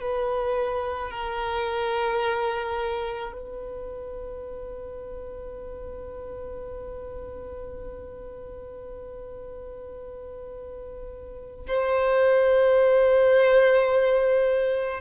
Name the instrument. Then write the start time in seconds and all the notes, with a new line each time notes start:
violin
0.00 B4
1.11 A#4
3.33 B4
11.67 C5